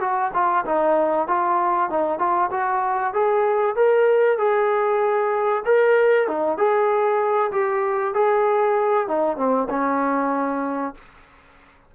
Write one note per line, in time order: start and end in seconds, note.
0.00 0.31 F#4
0.34 0.65 F4
0.65 1.28 D#4
1.28 1.90 F4
1.90 2.19 D#4
2.19 2.50 F4
2.51 3.13 F#4
3.14 3.76 G#4
3.76 4.38 A#4
4.38 5.63 G#4
5.65 6.27 A#4
6.27 6.57 D#4
6.57 7.51 G#4
7.52 8.14 G4
8.14 9.07 G#4
9.07 9.37 D#4
9.37 9.68 C4
9.69 10.94 C#4